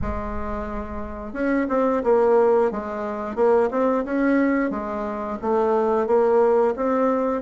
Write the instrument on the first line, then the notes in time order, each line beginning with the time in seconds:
bassoon
0.01 G#3
1.33 C#4
1.69 C4
2.03 A#3
2.71 G#3
3.35 A#3
3.70 C4
4.04 C#4
4.70 G#3
5.41 A3
6.06 A#3
6.75 C4